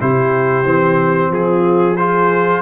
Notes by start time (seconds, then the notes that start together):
0.00 C3 E4 G4 C5
0.63 E3 C4
1.29 F3 F4 G#4
1.96 F4 G#4 C5